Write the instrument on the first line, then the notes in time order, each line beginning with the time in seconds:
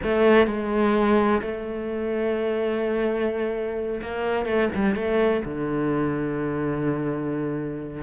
cello
0.03 A3
0.46 G#3
1.41 A3
4.02 A#3
4.45 A3
4.75 G3
4.95 A3
5.44 D3